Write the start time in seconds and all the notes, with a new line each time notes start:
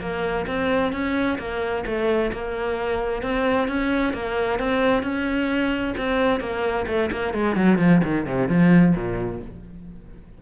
0.00 A#3
0.46 C4
0.92 C#4
1.38 A#3
1.85 A3
2.32 A#3
3.22 C4
3.68 C#4
4.13 A#3
4.59 C4
5.02 C#4
5.97 C4
6.40 A#3
6.87 A3
7.11 A#3
7.33 G#3
7.56 F#3
7.78 F3
8.04 D#3
8.25 C3
8.48 F3
8.95 A#2